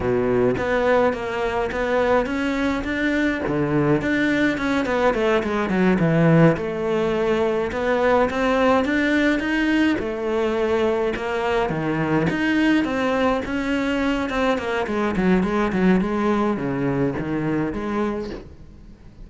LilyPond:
\new Staff \with { instrumentName = "cello" } { \time 4/4 \tempo 4 = 105 b,4 b4 ais4 b4 | cis'4 d'4 d4 d'4 | cis'8 b8 a8 gis8 fis8 e4 a8~ | a4. b4 c'4 d'8~ |
d'8 dis'4 a2 ais8~ | ais8 dis4 dis'4 c'4 cis'8~ | cis'4 c'8 ais8 gis8 fis8 gis8 fis8 | gis4 cis4 dis4 gis4 | }